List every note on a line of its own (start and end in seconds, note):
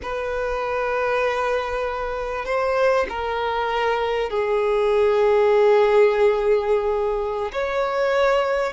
0.02 2.45 B4
2.45 3.06 C5
3.09 4.30 A#4
4.30 7.51 G#4
7.52 8.72 C#5